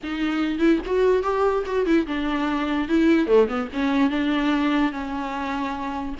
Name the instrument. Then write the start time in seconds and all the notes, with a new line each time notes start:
viola
0.03 D#4
0.58 E4
0.86 F#4
1.22 G4
1.66 F#4
1.85 E4
2.06 D4
2.88 E4
3.27 A3
3.48 B3
3.73 C#4
4.09 D4
4.91 C#4